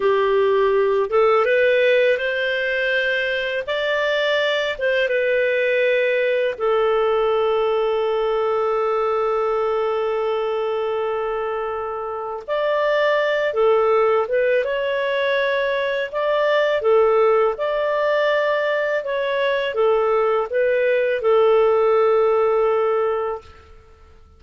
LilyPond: \new Staff \with { instrumentName = "clarinet" } { \time 4/4 \tempo 4 = 82 g'4. a'8 b'4 c''4~ | c''4 d''4. c''8 b'4~ | b'4 a'2.~ | a'1~ |
a'4 d''4. a'4 b'8 | cis''2 d''4 a'4 | d''2 cis''4 a'4 | b'4 a'2. | }